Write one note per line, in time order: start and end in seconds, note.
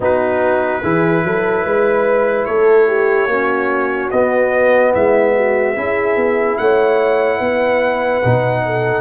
0.00 0.82 B3
0.00 0.83 D#4
0.00 0.82 F#4
0.00 2.45 B4
0.82 1.23 E3
0.82 3.29 E4
0.82 1.23 G#4
1.23 1.64 F#3
1.23 1.66 A4
1.64 2.47 G#3
1.64 2.47 B4
2.45 3.26 A3
2.45 2.87 A4
2.45 4.09 C#5
2.87 3.28 G4
3.26 4.09 A#3
3.26 4.12 C#4
3.26 4.91 F#4
4.10 4.94 B3
4.10 5.76 B3
4.10 4.93 D#5
4.91 5.76 G#3
4.91 5.33 E4
4.91 6.57 E5
5.35 5.76 F#4
5.76 6.16 C#4
5.76 8.22 E4
5.76 6.60 G#4
6.16 6.57 B3
6.57 7.40 A3
6.57 7.38 C#5
6.57 9.01 F#5
7.38 8.22 B3
7.38 8.61 B4
8.23 9.01 B2
8.23 9.01 D#4
8.64 9.01 A4